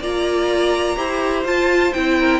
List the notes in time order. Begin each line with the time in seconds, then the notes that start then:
0.00 A#3 F4 D5 A#5
0.96 E4 G4 C5
1.44 F4 A5
1.93 C4 E4 G5
2.19 A#4